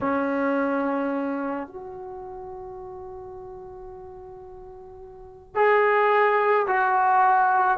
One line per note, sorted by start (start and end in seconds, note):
0.00 1.67 C#4
1.67 5.55 F#4
5.55 6.66 G#4
6.67 7.78 F#4